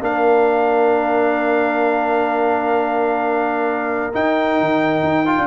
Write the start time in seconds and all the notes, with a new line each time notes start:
0.00 A#3 D4 A#4 F5
4.13 D#4 G5
4.60 D#3
5.03 D#4
5.26 F4
5.38 D4